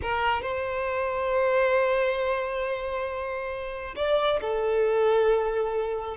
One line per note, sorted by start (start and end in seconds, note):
0.02 0.42 A#4
0.42 3.94 C5
3.95 4.40 D5
4.41 6.16 A4